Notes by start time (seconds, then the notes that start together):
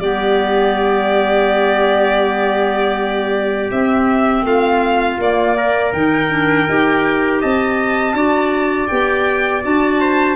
0.00 G3 B3 G4 D5
3.71 C4 E5
4.42 A3 F4 F5
5.19 A#3 D5
5.57 A#4
5.93 D#3 D#4 G5
6.30 D4
6.69 D#4 G4
7.41 C4 D#5 A5
8.14 D4 F#4 D5
8.87 B3 G4 G5
9.63 D4 F#4 A5
10.00 C5